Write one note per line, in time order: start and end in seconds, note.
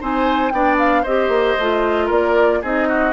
0.00 0.52 C4
0.00 0.52 D#4
0.00 0.52 C5
0.00 0.50 G#5
0.50 1.05 B3
0.50 1.05 D4
0.50 1.02 D5
0.50 0.76 G5
0.79 1.04 F5
1.02 1.28 C4
1.02 1.59 G4
1.02 2.06 C5
1.02 2.09 D#5
1.28 1.54 A#3
1.59 2.10 A3
1.59 2.63 F4
2.06 2.62 A#3
2.06 2.58 A#4
2.06 2.63 D5
2.62 3.13 C4
2.62 3.13 D#4
2.62 2.88 G#4
2.62 3.13 D#5
2.88 3.13 F#4